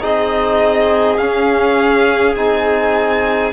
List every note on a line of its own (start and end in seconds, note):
0.00 1.18 C4
0.00 1.18 D#4
0.00 3.53 G#4
0.00 1.18 D#5
1.18 2.36 C#4
1.18 2.35 F5
2.36 3.53 C4
2.36 3.53 D#4
2.36 3.53 G#5